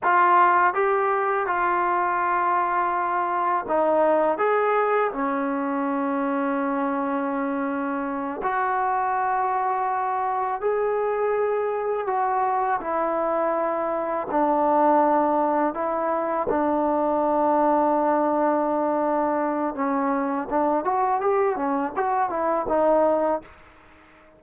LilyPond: \new Staff \with { instrumentName = "trombone" } { \time 4/4 \tempo 4 = 82 f'4 g'4 f'2~ | f'4 dis'4 gis'4 cis'4~ | cis'2.~ cis'8 fis'8~ | fis'2~ fis'8 gis'4.~ |
gis'8 fis'4 e'2 d'8~ | d'4. e'4 d'4.~ | d'2. cis'4 | d'8 fis'8 g'8 cis'8 fis'8 e'8 dis'4 | }